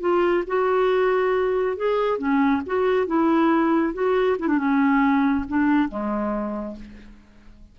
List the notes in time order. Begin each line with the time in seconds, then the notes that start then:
0.00 F4
0.46 F#4
1.76 G#4
2.18 C#4
2.66 F#4
3.06 E4
3.93 F#4
4.38 E4
4.47 D4
4.58 C#4
5.48 D4
5.88 G#3